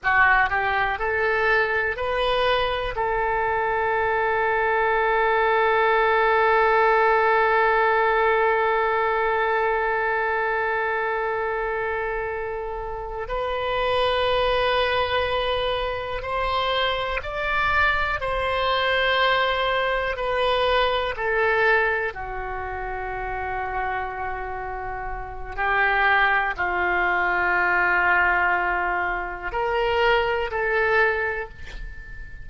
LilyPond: \new Staff \with { instrumentName = "oboe" } { \time 4/4 \tempo 4 = 61 fis'8 g'8 a'4 b'4 a'4~ | a'1~ | a'1~ | a'4. b'2~ b'8~ |
b'8 c''4 d''4 c''4.~ | c''8 b'4 a'4 fis'4.~ | fis'2 g'4 f'4~ | f'2 ais'4 a'4 | }